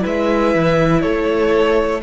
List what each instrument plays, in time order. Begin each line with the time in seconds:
0.00 cello G#3, viola E4, violin B4
0.06 violin E5
0.55 cello E3
1.01 cello A3, violin A4 C#5